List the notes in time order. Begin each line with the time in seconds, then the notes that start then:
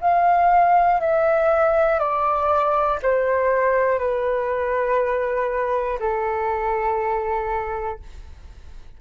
0.00 F5
1.00 E5
1.99 D5
3.02 C5
3.98 B4
5.99 A4